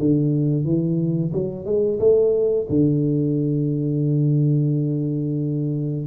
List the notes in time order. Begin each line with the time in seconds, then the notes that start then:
0.00 D3
0.65 E3
1.33 F#3
1.65 G#3
2.00 A3
2.70 D3